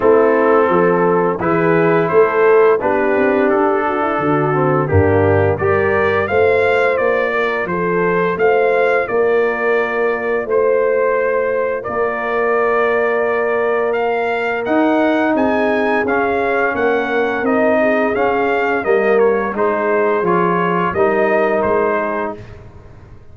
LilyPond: <<
  \new Staff \with { instrumentName = "trumpet" } { \time 4/4 \tempo 4 = 86 a'2 b'4 c''4 | b'4 a'2 g'4 | d''4 f''4 d''4 c''4 | f''4 d''2 c''4~ |
c''4 d''2. | f''4 fis''4 gis''4 f''4 | fis''4 dis''4 f''4 dis''8 cis''8 | c''4 cis''4 dis''4 c''4 | }
  \new Staff \with { instrumentName = "horn" } { \time 4/4 e'4 a'4 gis'4 a'4 | g'4. fis'16 e'16 fis'4 d'4 | ais'4 c''4. ais'8 a'4 | c''4 ais'2 c''4~ |
c''4 ais'2.~ | ais'2 gis'2 | ais'4. gis'4. ais'4 | gis'2 ais'4. gis'8 | }
  \new Staff \with { instrumentName = "trombone" } { \time 4/4 c'2 e'2 | d'2~ d'8 c'8 ais4 | g'4 f'2.~ | f'1~ |
f'1~ | f'4 dis'2 cis'4~ | cis'4 dis'4 cis'4 ais4 | dis'4 f'4 dis'2 | }
  \new Staff \with { instrumentName = "tuba" } { \time 4/4 a4 f4 e4 a4 | b8 c'8 d'4 d4 g,4 | g4 a4 ais4 f4 | a4 ais2 a4~ |
a4 ais2.~ | ais4 dis'4 c'4 cis'4 | ais4 c'4 cis'4 g4 | gis4 f4 g4 gis4 | }
>>